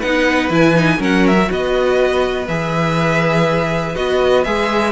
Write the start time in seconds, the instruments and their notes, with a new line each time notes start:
0.00 cello B3, viola D#4, violin B4 F#5
0.50 cello E3, viola E4, violin G#5
0.75 viola D#4
0.99 cello F#3, viola C#4, violin A#4 F#5
1.27 violin E5
1.34 viola F#4
1.51 cello B3, violin B4 D#5
2.48 cello E3, viola G#4, violin E5
3.96 cello B3, viola F#4, violin D#5
4.44 cello G#3, viola G#4, violin E5